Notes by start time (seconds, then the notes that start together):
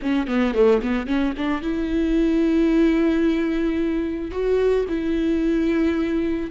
0.01 C#4
0.27 B3
0.54 A3
0.81 B3
1.06 C#4
1.37 D4
1.61 E4
4.31 F#4
4.88 E4